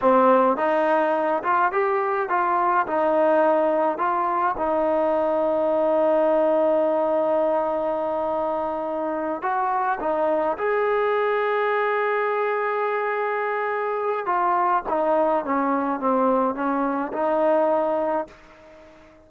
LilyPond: \new Staff \with { instrumentName = "trombone" } { \time 4/4 \tempo 4 = 105 c'4 dis'4. f'8 g'4 | f'4 dis'2 f'4 | dis'1~ | dis'1~ |
dis'8 fis'4 dis'4 gis'4.~ | gis'1~ | gis'4 f'4 dis'4 cis'4 | c'4 cis'4 dis'2 | }